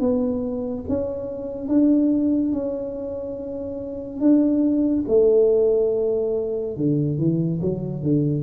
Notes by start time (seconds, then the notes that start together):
0.00 B3
0.89 C#4
1.68 D4
2.53 C#4
4.20 D4
5.08 A3
6.77 D3
7.18 E3
7.61 F#3
8.02 D3